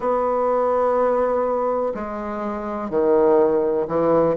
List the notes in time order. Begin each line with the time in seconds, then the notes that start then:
0.00 B3
1.94 G#3
2.90 D#3
3.87 E3